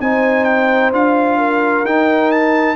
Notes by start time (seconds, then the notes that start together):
0.00 C4 D#4 C5 G#5
0.44 G5
0.92 D4 F4 F5
1.38 A#4
1.84 D#4 G5
2.31 A5